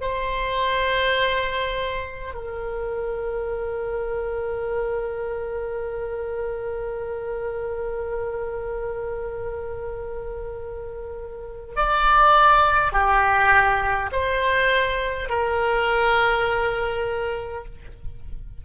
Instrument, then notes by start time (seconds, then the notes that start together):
oboe
0.00 C5
2.34 A#4
11.76 D5
12.92 G4
14.12 C5
15.29 A#4